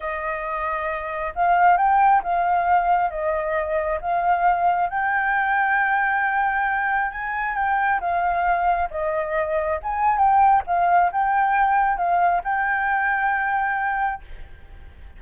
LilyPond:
\new Staff \with { instrumentName = "flute" } { \time 4/4 \tempo 4 = 135 dis''2. f''4 | g''4 f''2 dis''4~ | dis''4 f''2 g''4~ | g''1 |
gis''4 g''4 f''2 | dis''2 gis''4 g''4 | f''4 g''2 f''4 | g''1 | }